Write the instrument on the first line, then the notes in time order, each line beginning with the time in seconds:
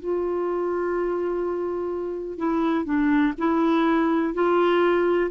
clarinet
0.00 F4
2.38 E4
2.85 D4
3.38 E4
4.34 F4